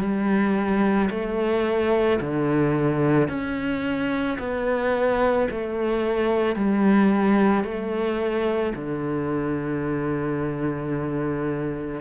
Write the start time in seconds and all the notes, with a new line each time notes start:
0.00 G3
1.10 A3
2.20 D3
3.28 C#4
4.39 B3
5.51 A3
6.56 G3
7.64 A3
8.75 D3